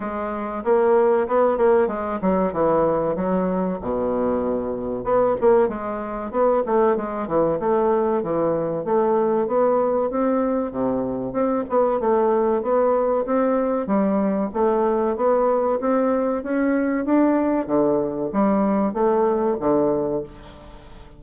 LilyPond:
\new Staff \with { instrumentName = "bassoon" } { \time 4/4 \tempo 4 = 95 gis4 ais4 b8 ais8 gis8 fis8 | e4 fis4 b,2 | b8 ais8 gis4 b8 a8 gis8 e8 | a4 e4 a4 b4 |
c'4 c4 c'8 b8 a4 | b4 c'4 g4 a4 | b4 c'4 cis'4 d'4 | d4 g4 a4 d4 | }